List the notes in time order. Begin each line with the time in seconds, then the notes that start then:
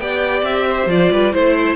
0.00 B3 G4 D5 G5
0.42 C4 E5
0.68 C5
0.86 F3 F4 D5
1.11 G3 B4
1.33 A3 E4 C5